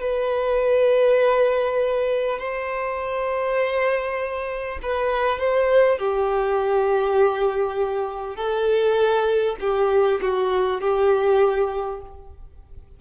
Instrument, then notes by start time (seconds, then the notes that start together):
violin
0.00 B4
2.38 C5
4.82 B4
5.39 C5
5.98 G4
8.36 A4
9.60 G4
10.21 F#4
10.81 G4